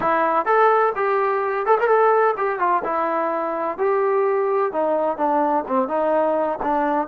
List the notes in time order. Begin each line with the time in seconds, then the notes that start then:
0.00 E4
0.45 A4
0.95 G4
1.66 A4
1.80 A#4
1.87 A4
2.37 G4
2.59 F4
2.83 E4
3.78 G4
4.72 D#4
5.17 D4
5.67 C4
5.88 D#4
6.62 D4